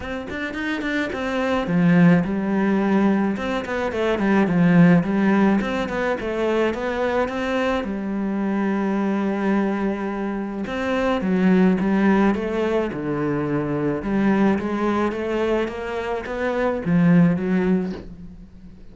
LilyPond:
\new Staff \with { instrumentName = "cello" } { \time 4/4 \tempo 4 = 107 c'8 d'8 dis'8 d'8 c'4 f4 | g2 c'8 b8 a8 g8 | f4 g4 c'8 b8 a4 | b4 c'4 g2~ |
g2. c'4 | fis4 g4 a4 d4~ | d4 g4 gis4 a4 | ais4 b4 f4 fis4 | }